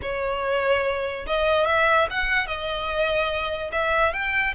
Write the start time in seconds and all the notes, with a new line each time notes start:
0.02 C#5
1.26 D#5
1.66 E5
2.10 F#5
2.46 D#5
3.72 E5
4.13 G5